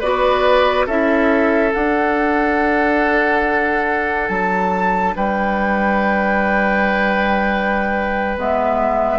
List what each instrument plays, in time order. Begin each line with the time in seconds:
0.00 bassoon B3, clarinet F#4, oboe B4, flute D5
0.86 bassoon C#4, clarinet E4, oboe A4, flute E5
1.71 clarinet D4, bassoon D4, flute F#5
4.29 bassoon F#3, flute A5
5.16 bassoon G3, oboe B4, flute G5
8.37 bassoon G#3, clarinet B3, flute E5